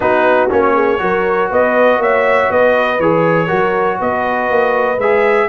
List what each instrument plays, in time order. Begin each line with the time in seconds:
0.00 tuba B3, trombone D#4, horn F#4, trumpet B4
0.50 tuba A#3, trombone C#4, trumpet C#5
0.74 horn G#4
0.98 tuba F#3, trombone F#4, horn A#4
1.50 tuba B3, horn B4, trumpet D#5
1.98 tuba A#3, horn C#5, trumpet E5
2.50 tuba B3, horn B4, trumpet D#5
2.99 tuba E3, trombone G#4, trumpet C#5
3.47 tuba F#3, trombone F#4, horn A#4
3.98 tuba B3, horn B4, trumpet D#5
4.50 tuba A#3
4.97 tuba G#3, trombone G#4, trumpet E5